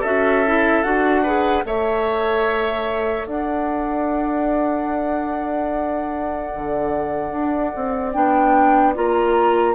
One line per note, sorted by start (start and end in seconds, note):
0.00 0.84 C#4
0.00 0.45 F#4
0.00 1.22 A4
0.00 0.83 E5
0.46 0.84 E4
0.83 1.64 D4
0.83 1.24 F#4
0.83 1.64 F#5
1.23 1.63 G#4
1.23 1.63 B4
1.63 3.26 A3
1.63 8.12 A4
1.63 3.27 C#5
1.63 3.25 E5
3.25 6.51 D4
3.25 9.74 D5
3.25 8.12 F#5
6.54 7.31 D3
7.31 7.72 D4
7.75 8.15 C4
8.12 8.96 B3
8.12 8.94 D4
8.12 8.93 G5
8.94 9.74 A#3
8.94 9.74 F4
8.94 9.74 A#5